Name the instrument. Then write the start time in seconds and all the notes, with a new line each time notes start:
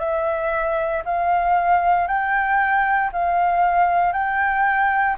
flute
0.00 E5
1.05 F5
2.08 G5
3.13 F5
4.13 G5